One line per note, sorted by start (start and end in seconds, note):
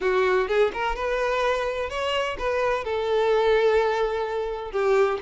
0.00 0.47 F#4
0.47 0.71 G#4
0.73 0.95 A#4
0.95 1.89 B4
1.89 2.36 C#5
2.38 2.84 B4
2.84 4.71 A4
4.71 5.18 G4